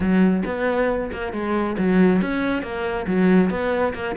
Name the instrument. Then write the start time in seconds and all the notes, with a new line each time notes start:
cello
0.00 F#3
0.45 B3
1.12 A#3
1.32 G#3
1.78 F#3
2.21 C#4
2.62 A#3
3.07 F#3
3.50 B3
3.94 A#3